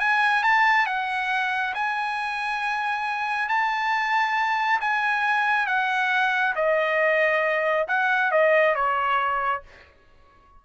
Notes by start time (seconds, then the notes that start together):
0.00 G#5
0.44 A5
0.86 F#5
1.74 G#5
3.49 A5
4.81 G#5
5.67 F#5
6.56 D#5
7.88 F#5
8.32 D#5
8.75 C#5